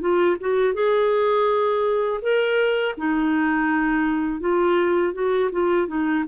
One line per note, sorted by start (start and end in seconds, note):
0.00 0.37 F4
0.40 0.74 F#4
0.74 2.20 G#4
2.22 2.95 A#4
2.97 4.40 D#4
4.40 5.13 F4
5.14 5.50 F#4
5.52 5.87 F4
5.87 6.24 D#4